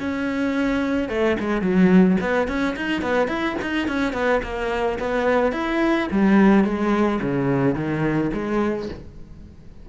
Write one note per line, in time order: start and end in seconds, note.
0.00 1.09 C#4
1.09 1.37 A3
1.40 1.62 G#3
1.62 2.17 F#3
2.21 2.48 B3
2.48 2.76 C#4
2.76 3.02 D#4
3.02 3.28 B3
3.28 3.56 E4
3.62 3.88 D#4
3.88 4.13 C#4
4.13 4.41 B3
4.43 4.99 A#3
4.99 5.52 B3
5.52 6.08 E4
6.12 6.64 G3
6.64 7.20 G#3
7.22 7.75 C#3
7.75 8.31 D#3
8.34 8.89 G#3